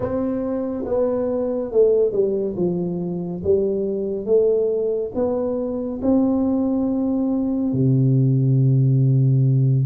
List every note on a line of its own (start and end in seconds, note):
0.00 0.84 C4
0.85 1.71 B3
1.71 2.12 A3
2.12 2.55 G3
2.56 3.42 F3
3.43 4.25 G3
4.25 5.11 A3
5.14 6.00 B3
6.02 7.73 C4
7.73 9.86 C3